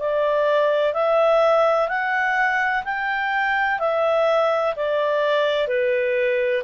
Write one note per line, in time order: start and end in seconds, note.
0.00 0.94 D5
0.94 1.89 E5
1.89 2.84 F#5
2.85 3.80 G5
3.80 4.75 E5
4.77 5.68 D5
5.68 6.64 B4